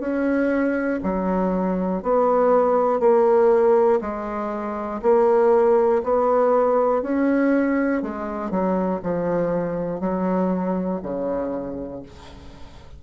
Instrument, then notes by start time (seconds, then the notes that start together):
bassoon
0.00 C#4
1.04 F#3
2.03 B3
3.00 A#3
4.01 G#3
5.02 A#3
6.04 B3
7.02 C#4
8.03 G#3
8.51 F#3
9.03 F3
10.00 F#3
11.03 C#3